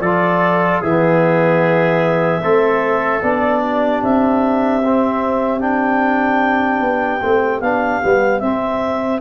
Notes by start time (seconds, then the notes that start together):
0.00 F3 F4 A4 D5
0.81 E3 B3 G#4 E5
2.41 A3 C4 A4
3.22 B3 D4 D5
3.60 G4
4.02 C4 E5
4.85 C4
5.60 D4 G5
6.80 B3
7.22 A3 C4
7.60 B3 D4 F5
8.02 G3 B3
8.39 C4 E5